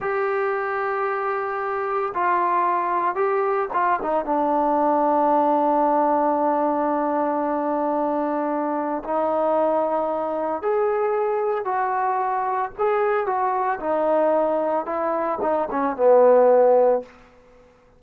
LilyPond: \new Staff \with { instrumentName = "trombone" } { \time 4/4 \tempo 4 = 113 g'1 | f'2 g'4 f'8 dis'8 | d'1~ | d'1~ |
d'4 dis'2. | gis'2 fis'2 | gis'4 fis'4 dis'2 | e'4 dis'8 cis'8 b2 | }